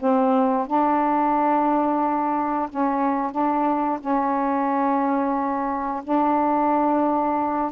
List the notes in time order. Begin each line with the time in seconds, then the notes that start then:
0.00 C4
0.67 D4
2.70 C#4
3.32 D4
4.01 C#4
6.04 D4